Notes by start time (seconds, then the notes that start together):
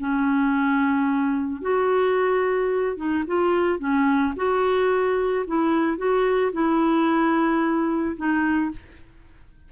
0.00 C#4
1.62 F#4
2.97 D#4
3.27 F4
3.80 C#4
4.37 F#4
5.47 E4
5.98 F#4
6.53 E4
8.17 D#4